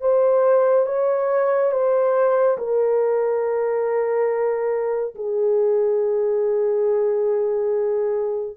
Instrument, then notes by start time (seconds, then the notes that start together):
horn
0.00 C5
0.86 C#5
1.71 C5
2.57 A#4
5.15 G#4